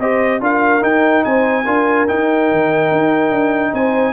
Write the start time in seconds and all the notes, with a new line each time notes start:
0.00 C4 G4 C5 D#5
0.41 D4 F4 A#4 F5
0.81 D#4 G5
1.25 C4 C5 G#5
1.65 D4 F4 A#4
2.08 D#4 G5
2.52 D#3
2.92 D#4
3.31 D4
3.74 C4 C5 G#5